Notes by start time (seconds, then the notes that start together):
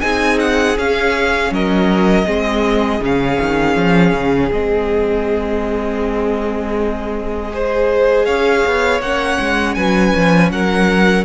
0.00 C4 D#4 G#4 G#5
0.39 F#5
0.77 C#4 F5
1.50 F#3 A#4 D#5
2.26 G#3 C4 G#4
3.00 C#3 C#4 F5
3.40 D#3
3.75 F3
4.12 C#3
4.51 G#3 C4 D#5
7.51 G#4 C5
8.25 C#4 C#5 F5
8.65 B3
9.00 A#3 C#4 F#5
9.39 G#3
9.74 F#3 B4 G#5
10.14 F3
10.51 F#3 A#4 F#5